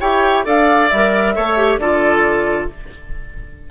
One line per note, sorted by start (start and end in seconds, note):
0.00 0.46 E4
0.00 0.44 G4
0.00 0.45 C#5
0.00 0.45 G5
0.44 0.91 D4
0.44 0.89 A4
0.44 1.34 D5
0.44 0.89 F5
0.89 1.36 G3
0.89 1.35 A#4
0.89 1.79 E5
1.35 1.77 A3
1.35 1.57 A4
1.35 1.80 C#5
1.57 1.80 G4
1.77 2.67 D3
1.77 2.70 F4
1.77 2.70 A4
1.77 2.68 D5